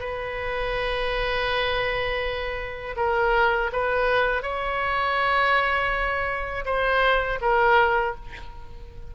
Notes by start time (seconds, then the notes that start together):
0.00 B4
2.97 A#4
3.73 B4
4.43 C#5
6.65 C5
7.41 A#4